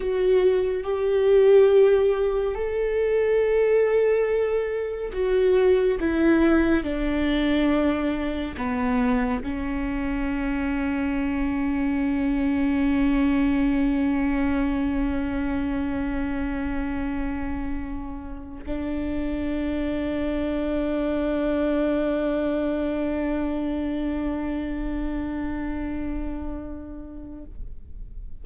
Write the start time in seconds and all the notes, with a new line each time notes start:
0.00 F#4
0.83 G4
2.54 A4
5.12 F#4
6.00 E4
6.83 D4
8.57 B3
9.43 C#4
18.66 D4